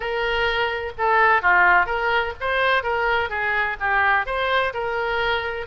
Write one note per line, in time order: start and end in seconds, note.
0.00 0.92 A#4
0.97 1.42 A4
1.42 1.86 F4
1.86 2.33 A#4
2.40 2.83 C5
2.83 3.29 A#4
3.29 3.76 G#4
3.79 4.25 G4
4.25 4.73 C5
4.73 5.66 A#4